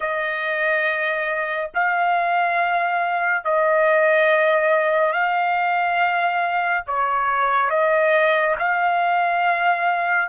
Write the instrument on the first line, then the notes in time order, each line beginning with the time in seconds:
trumpet
0.00 D#5
1.74 F5
3.44 D#5
5.12 F5
6.86 C#5
7.69 D#5
8.58 F5